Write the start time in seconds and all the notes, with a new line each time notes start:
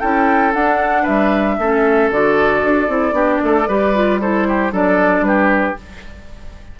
0.00 C#4 E4 A4 G5
0.54 D4 F#5
1.02 G3 B4 E5
1.58 A3 C#4 A4
2.11 D3 F#4 D5
2.63 D4
2.89 C4 E4
3.12 B3 D4 G4
3.43 A3 A4
3.68 G3 G4 B4
3.94 F4
4.21 E4 A4 C5
4.48 G4
4.72 F#3 D4 A4 D5
5.21 G3 B4
5.27 G4